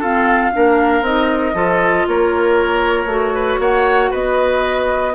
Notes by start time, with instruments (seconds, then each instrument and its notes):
0.00 clarinet C4, bassoon F4, oboe A4, flute F5
0.53 bassoon A#3, clarinet D4, oboe A#4
1.02 bassoon C4, clarinet D#4, flute D#5
1.54 bassoon F3, clarinet F4, oboe A4
2.08 bassoon A#3, oboe A#4, flute C#5
3.06 bassoon A3, clarinet F#4
3.34 oboe B4
3.59 bassoon A#3, oboe C#5, flute F#5
4.11 bassoon B3, oboe B4, flute D#5